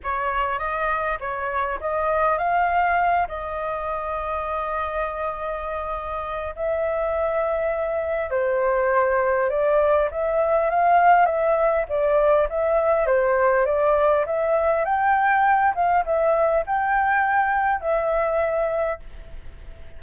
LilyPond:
\new Staff \with { instrumentName = "flute" } { \time 4/4 \tempo 4 = 101 cis''4 dis''4 cis''4 dis''4 | f''4. dis''2~ dis''8~ | dis''2. e''4~ | e''2 c''2 |
d''4 e''4 f''4 e''4 | d''4 e''4 c''4 d''4 | e''4 g''4. f''8 e''4 | g''2 e''2 | }